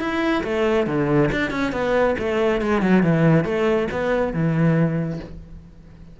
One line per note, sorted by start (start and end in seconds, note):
0.00 0.43 E4
0.44 0.87 A3
0.87 1.30 D3
1.31 1.50 D4
1.50 1.72 C#4
1.72 2.15 B3
2.19 2.61 A3
2.61 2.82 G#3
2.82 3.03 F#3
3.03 3.44 E3
3.44 3.88 A3
3.91 4.33 B3
4.33 5.20 E3